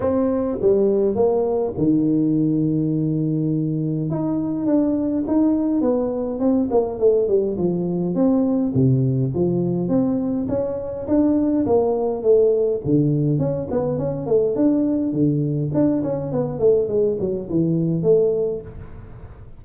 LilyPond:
\new Staff \with { instrumentName = "tuba" } { \time 4/4 \tempo 4 = 103 c'4 g4 ais4 dis4~ | dis2. dis'4 | d'4 dis'4 b4 c'8 ais8 | a8 g8 f4 c'4 c4 |
f4 c'4 cis'4 d'4 | ais4 a4 d4 cis'8 b8 | cis'8 a8 d'4 d4 d'8 cis'8 | b8 a8 gis8 fis8 e4 a4 | }